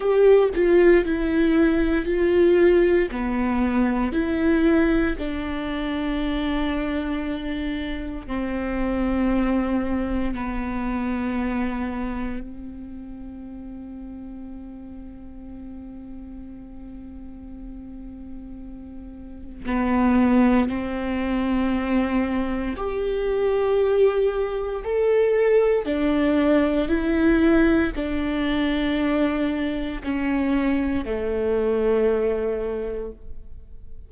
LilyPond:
\new Staff \with { instrumentName = "viola" } { \time 4/4 \tempo 4 = 58 g'8 f'8 e'4 f'4 b4 | e'4 d'2. | c'2 b2 | c'1~ |
c'2. b4 | c'2 g'2 | a'4 d'4 e'4 d'4~ | d'4 cis'4 a2 | }